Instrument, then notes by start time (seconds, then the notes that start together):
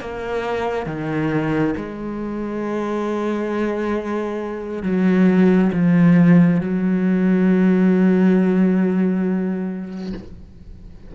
cello
0.00 A#3
0.85 D#3
1.76 G#3
4.82 F#3
5.72 F3
6.60 F#3